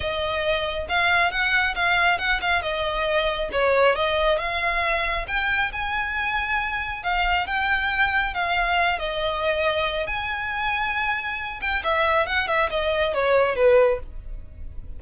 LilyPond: \new Staff \with { instrumentName = "violin" } { \time 4/4 \tempo 4 = 137 dis''2 f''4 fis''4 | f''4 fis''8 f''8 dis''2 | cis''4 dis''4 f''2 | g''4 gis''2. |
f''4 g''2 f''4~ | f''8 dis''2~ dis''8 gis''4~ | gis''2~ gis''8 g''8 e''4 | fis''8 e''8 dis''4 cis''4 b'4 | }